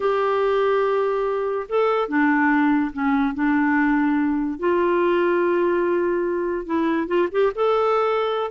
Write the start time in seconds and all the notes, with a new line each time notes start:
0.00 G4
1.69 A4
2.08 D4
2.92 C#4
3.34 D4
4.59 F4
6.66 E4
7.07 F4
7.31 G4
7.55 A4